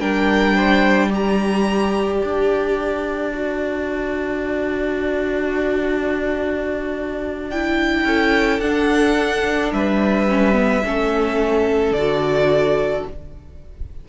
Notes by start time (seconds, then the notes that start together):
0.00 G3 D4 A#4 G5
0.56 C5
1.10 G4 D5 A#5
2.23 D4 A5
3.35 F#4
7.51 E4 G5
8.05 C#4 A4
8.59 D4 F#5
9.73 G3 B4 E5
10.29 C#4
10.54 B3
10.85 A3 C#4 A4
11.92 D3 D5
11.98 F#4